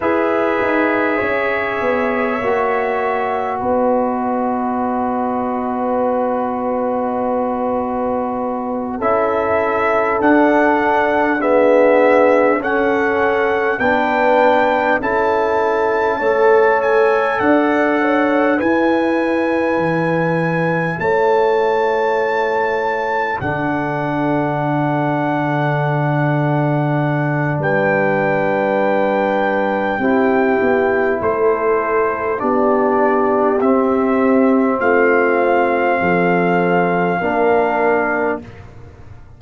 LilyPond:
<<
  \new Staff \with { instrumentName = "trumpet" } { \time 4/4 \tempo 4 = 50 e''2. dis''4~ | dis''2.~ dis''8 e''8~ | e''8 fis''4 e''4 fis''4 g''8~ | g''8 a''4. gis''8 fis''4 gis''8~ |
gis''4. a''2 fis''8~ | fis''2. g''4~ | g''2 c''4 d''4 | e''4 f''2. | }
  \new Staff \with { instrumentName = "horn" } { \time 4/4 b'4 cis''2 b'4~ | b'2.~ b'8 a'8~ | a'4. gis'4 a'4 b'8~ | b'8 a'4 cis''4 d''8 cis''8 b'8~ |
b'4. cis''2 a'8~ | a'2. b'4~ | b'4 g'4 a'4 g'4~ | g'4 f'4 a'4 ais'4 | }
  \new Staff \with { instrumentName = "trombone" } { \time 4/4 gis'2 fis'2~ | fis'2.~ fis'8 e'8~ | e'8 d'4 b4 cis'4 d'8~ | d'8 e'4 a'2 e'8~ |
e'2.~ e'8 d'8~ | d'1~ | d'4 e'2 d'4 | c'2. d'4 | }
  \new Staff \with { instrumentName = "tuba" } { \time 4/4 e'8 dis'8 cis'8 b8 ais4 b4~ | b2.~ b8 cis'8~ | cis'8 d'2 cis'4 b8~ | b8 cis'4 a4 d'4 e'8~ |
e'8 e4 a2 d8~ | d2. g4~ | g4 c'8 b8 a4 b4 | c'4 a4 f4 ais4 | }
>>